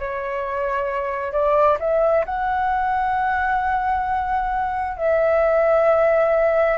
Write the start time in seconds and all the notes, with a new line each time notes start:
0.00 C#5
1.33 D5
1.80 E5
2.26 F#5
4.98 E5